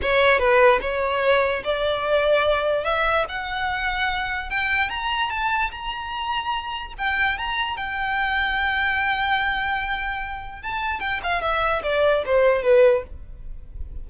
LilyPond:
\new Staff \with { instrumentName = "violin" } { \time 4/4 \tempo 4 = 147 cis''4 b'4 cis''2 | d''2. e''4 | fis''2. g''4 | ais''4 a''4 ais''2~ |
ais''4 g''4 ais''4 g''4~ | g''1~ | g''2 a''4 g''8 f''8 | e''4 d''4 c''4 b'4 | }